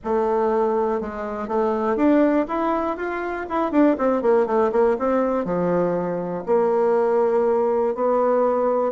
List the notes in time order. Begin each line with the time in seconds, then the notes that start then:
0.04 A3
1.01 G#3
1.47 A3
1.96 D4
2.48 E4
2.97 F4
3.49 E4
3.71 D4
3.97 C4
4.22 A#3
4.46 A3
4.72 A#3
4.98 C4
5.44 F3
6.46 A#3
7.95 B3